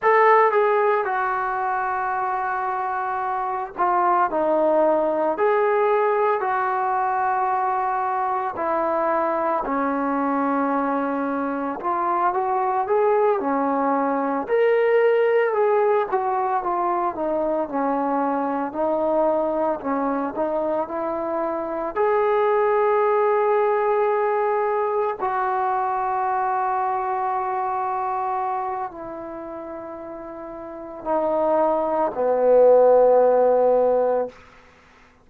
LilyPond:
\new Staff \with { instrumentName = "trombone" } { \time 4/4 \tempo 4 = 56 a'8 gis'8 fis'2~ fis'8 f'8 | dis'4 gis'4 fis'2 | e'4 cis'2 f'8 fis'8 | gis'8 cis'4 ais'4 gis'8 fis'8 f'8 |
dis'8 cis'4 dis'4 cis'8 dis'8 e'8~ | e'8 gis'2. fis'8~ | fis'2. e'4~ | e'4 dis'4 b2 | }